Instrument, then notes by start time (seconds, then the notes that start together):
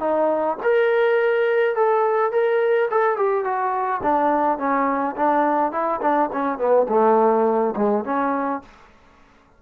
trombone
0.00 D#4
0.63 A#4
1.76 A4
2.32 A#4
2.91 A4
3.17 G4
3.44 F#4
4.03 D4
4.58 C#4
5.16 D4
5.72 E4
6.02 D4
6.33 C#4
6.58 B3
6.89 A3
7.77 G#3
8.05 C#4